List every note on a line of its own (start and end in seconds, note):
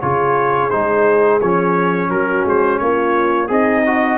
0.00 0.71 C#3
0.00 0.71 F4
0.00 2.11 G#4
0.00 0.70 C#5
0.70 1.42 G#3
0.70 1.40 D#4
0.70 1.40 C5
1.40 2.09 F3
1.40 3.47 C#4
1.40 2.10 C#5
2.09 2.44 F#3
2.09 2.81 F#4
2.09 2.45 A#4
2.45 2.80 G#3
2.45 2.78 C5
2.78 3.49 A#3
2.78 3.50 F4
2.78 3.48 C#5
3.47 4.18 C4
3.47 4.18 D#4
3.47 3.82 G#4
3.47 4.18 D#5
3.86 4.18 F#4